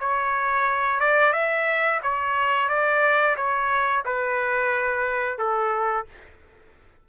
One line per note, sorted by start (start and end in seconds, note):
0.00 1.00 C#5
1.00 1.33 D5
1.33 2.00 E5
2.03 2.68 C#5
2.68 3.36 D5
3.36 4.04 C#5
4.05 5.38 B4
5.38 6.06 A4